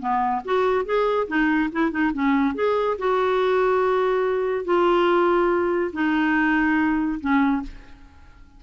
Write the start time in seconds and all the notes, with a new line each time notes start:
0.00 B3
0.45 F#4
0.85 G#4
1.28 D#4
1.72 E4
1.91 D#4
2.14 C#4
2.55 G#4
2.99 F#4
4.65 F4
5.93 D#4
7.21 C#4